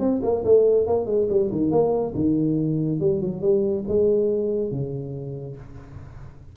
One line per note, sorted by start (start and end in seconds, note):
0.00 0.21 C4
0.23 0.44 A#3
0.45 0.87 A3
0.87 1.07 A#3
1.07 1.28 G#3
1.30 1.51 G3
1.52 1.72 D#3
1.72 2.14 A#3
2.15 3.00 D#3
3.01 3.21 G3
3.21 3.42 F#3
3.42 3.85 G3
3.88 4.72 G#3
4.72 5.57 C#3